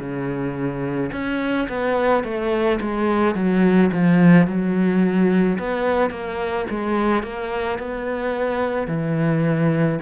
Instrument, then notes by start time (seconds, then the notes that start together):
cello
0.00 C#3
1.12 C#4
1.69 B3
2.24 A3
2.80 G#3
3.35 F#3
3.92 F3
4.47 F#3
5.59 B3
6.10 A#3
6.70 G#3
7.23 A#3
7.79 B3
8.87 E3